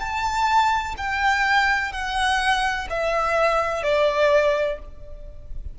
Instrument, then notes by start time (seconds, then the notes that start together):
violin
0.00 A5
0.97 G5
1.92 F#5
2.90 E5
3.83 D5